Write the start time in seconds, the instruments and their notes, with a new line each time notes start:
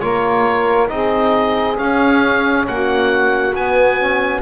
0.00 double bass A#3, trombone F4, saxophone A#4, oboe C#5
0.88 double bass C4, trombone D#4, saxophone G#4, oboe D#5
1.76 trombone C#4, double bass C#4, oboe F5
2.67 double bass A#3, saxophone F#4, oboe F#5
3.55 double bass B3, trombone B3, oboe G#5
4.00 trombone C#4